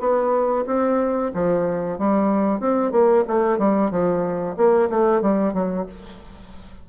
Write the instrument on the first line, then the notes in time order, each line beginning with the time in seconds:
bassoon
0.00 B3
0.67 C4
1.34 F3
1.98 G3
2.60 C4
2.92 A#3
3.28 A3
3.59 G3
3.91 F3
4.57 A#3
4.90 A3
5.22 G3
5.54 F#3